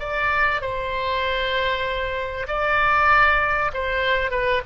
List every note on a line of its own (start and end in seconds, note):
0.00 0.61 D5
0.61 2.47 C5
2.48 3.71 D5
3.74 4.31 C5
4.31 4.62 B4